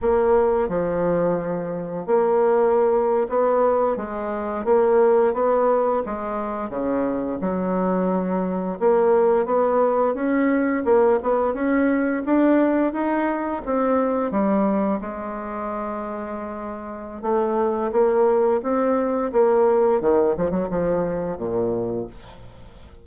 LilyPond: \new Staff \with { instrumentName = "bassoon" } { \time 4/4 \tempo 4 = 87 ais4 f2 ais4~ | ais8. b4 gis4 ais4 b16~ | b8. gis4 cis4 fis4~ fis16~ | fis8. ais4 b4 cis'4 ais16~ |
ais16 b8 cis'4 d'4 dis'4 c'16~ | c'8. g4 gis2~ gis16~ | gis4 a4 ais4 c'4 | ais4 dis8 f16 fis16 f4 ais,4 | }